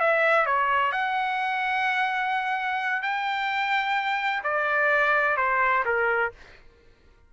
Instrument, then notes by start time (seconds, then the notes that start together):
trumpet
0.00 E5
0.46 C#5
0.92 F#5
3.02 G5
4.44 D5
5.37 C5
5.85 A#4